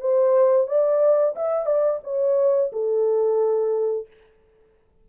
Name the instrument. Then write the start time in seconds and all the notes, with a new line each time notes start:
horn
0.00 C5
0.67 D5
1.35 E5
1.66 D5
2.03 C#5
2.72 A4